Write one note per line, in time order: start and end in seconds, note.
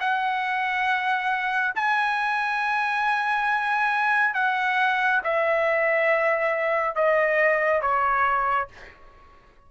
0.00 1.74 F#5
1.75 4.34 G#5
4.34 5.21 F#5
5.24 6.96 E5
6.96 7.81 D#5
7.81 8.68 C#5